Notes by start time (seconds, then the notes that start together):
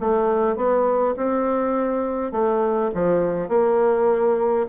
0.00 A3
0.56 B3
1.16 C4
2.31 A3
2.94 F3
3.48 A#3